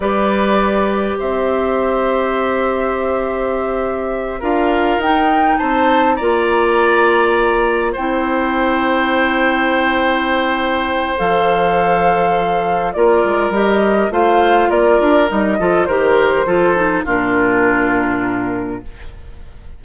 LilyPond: <<
  \new Staff \with { instrumentName = "flute" } { \time 4/4 \tempo 4 = 102 d''2 e''2~ | e''2.~ e''8 f''8~ | f''8 g''4 a''4 ais''4.~ | ais''4. g''2~ g''8~ |
g''2. f''4~ | f''2 d''4 dis''4 | f''4 d''4 dis''4 c''4~ | c''4 ais'2. | }
  \new Staff \with { instrumentName = "oboe" } { \time 4/4 b'2 c''2~ | c''2.~ c''8 ais'8~ | ais'4. c''4 d''4.~ | d''4. c''2~ c''8~ |
c''1~ | c''2 ais'2 | c''4 ais'4. a'8 ais'4 | a'4 f'2. | }
  \new Staff \with { instrumentName = "clarinet" } { \time 4/4 g'1~ | g'2.~ g'8 f'8~ | f'8 dis'2 f'4.~ | f'4. e'2~ e'8~ |
e'2. a'4~ | a'2 f'4 g'4 | f'2 dis'8 f'8 g'4 | f'8 dis'8 d'2. | }
  \new Staff \with { instrumentName = "bassoon" } { \time 4/4 g2 c'2~ | c'2.~ c'8 d'8~ | d'8 dis'4 c'4 ais4.~ | ais4. c'2~ c'8~ |
c'2. f4~ | f2 ais8 gis8 g4 | a4 ais8 d'8 g8 f8 dis4 | f4 ais,2. | }
>>